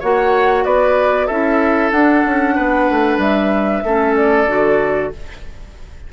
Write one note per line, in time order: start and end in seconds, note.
0.00 0.65 A#3
0.00 1.30 F#4
0.00 0.64 C#5
0.00 0.65 F#5
0.65 1.29 B3
0.65 1.27 B4
0.65 1.27 D5
1.27 1.92 C#4
1.27 1.92 E4
1.27 2.54 A4
1.27 1.90 E5
1.91 2.24 D4
1.91 3.84 D4
1.91 3.19 F#5
2.26 2.58 C#4
2.56 2.89 B3
2.56 3.83 B4
2.89 3.18 A3
3.18 3.82 G3
3.18 4.16 E5
3.84 4.47 A3
3.84 4.48 C#4
3.84 5.12 A4
4.17 5.12 D5
4.47 5.11 D3
4.47 5.12 F#4